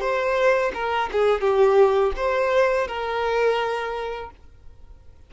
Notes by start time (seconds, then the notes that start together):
0.00 C5
0.74 A#4
1.12 G#4
1.41 G4
2.16 C5
2.87 A#4